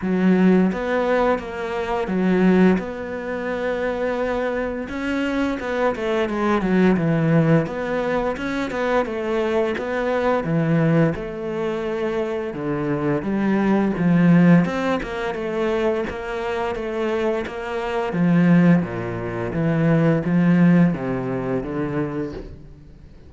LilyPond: \new Staff \with { instrumentName = "cello" } { \time 4/4 \tempo 4 = 86 fis4 b4 ais4 fis4 | b2. cis'4 | b8 a8 gis8 fis8 e4 b4 | cis'8 b8 a4 b4 e4 |
a2 d4 g4 | f4 c'8 ais8 a4 ais4 | a4 ais4 f4 ais,4 | e4 f4 c4 d4 | }